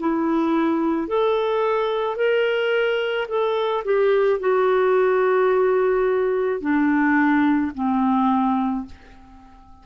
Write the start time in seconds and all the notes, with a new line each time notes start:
0.00 E4
1.08 A4
2.17 A#4
3.29 A4
3.85 G4
4.40 F#4
6.61 D4
7.75 C4